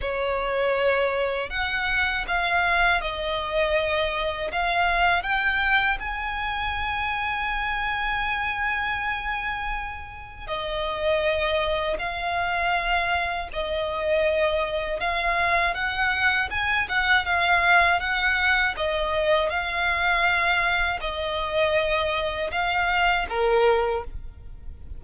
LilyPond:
\new Staff \with { instrumentName = "violin" } { \time 4/4 \tempo 4 = 80 cis''2 fis''4 f''4 | dis''2 f''4 g''4 | gis''1~ | gis''2 dis''2 |
f''2 dis''2 | f''4 fis''4 gis''8 fis''8 f''4 | fis''4 dis''4 f''2 | dis''2 f''4 ais'4 | }